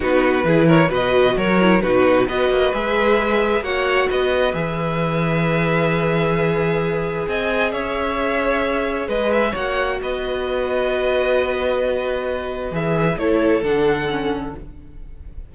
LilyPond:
<<
  \new Staff \with { instrumentName = "violin" } { \time 4/4 \tempo 4 = 132 b'4. cis''8 dis''4 cis''4 | b'4 dis''4 e''2 | fis''4 dis''4 e''2~ | e''1 |
gis''4 e''2. | dis''8 e''8 fis''4 dis''2~ | dis''1 | e''4 cis''4 fis''2 | }
  \new Staff \with { instrumentName = "violin" } { \time 4/4 fis'4 gis'8 ais'8 b'4 ais'4 | fis'4 b'2. | cis''4 b'2.~ | b'1 |
dis''4 cis''2. | b'4 cis''4 b'2~ | b'1~ | b'4 a'2. | }
  \new Staff \with { instrumentName = "viola" } { \time 4/4 dis'4 e'4 fis'4. e'8 | dis'4 fis'4 gis'2 | fis'2 gis'2~ | gis'1~ |
gis'1~ | gis'4 fis'2.~ | fis'1 | gis'4 e'4 d'4 cis'4 | }
  \new Staff \with { instrumentName = "cello" } { \time 4/4 b4 e4 b,4 fis4 | b,4 b8 ais8 gis2 | ais4 b4 e2~ | e1 |
c'4 cis'2. | gis4 ais4 b2~ | b1 | e4 a4 d2 | }
>>